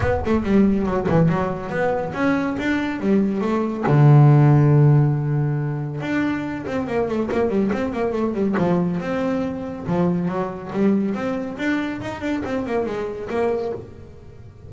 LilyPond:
\new Staff \with { instrumentName = "double bass" } { \time 4/4 \tempo 4 = 140 b8 a8 g4 fis8 e8 fis4 | b4 cis'4 d'4 g4 | a4 d2.~ | d2 d'4. c'8 |
ais8 a8 ais8 g8 c'8 ais8 a8 g8 | f4 c'2 f4 | fis4 g4 c'4 d'4 | dis'8 d'8 c'8 ais8 gis4 ais4 | }